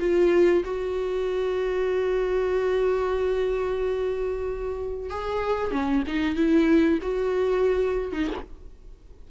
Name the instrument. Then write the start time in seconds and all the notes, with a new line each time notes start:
viola
0.00 F4
0.64 F#4
5.10 G#4
5.71 C#4
6.07 D#4
6.35 E4
7.02 F#4
8.12 D#4